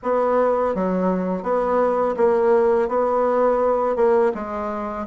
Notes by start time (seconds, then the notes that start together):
0.02 B3
0.74 F#3
1.42 B3
2.16 A#3
2.88 B3
3.96 A#3
4.34 G#3